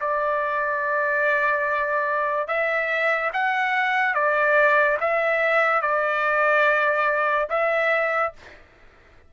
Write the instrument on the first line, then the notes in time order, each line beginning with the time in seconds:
trumpet
0.00 D5
2.47 E5
3.33 F#5
4.14 D5
5.00 E5
5.81 D5
7.50 E5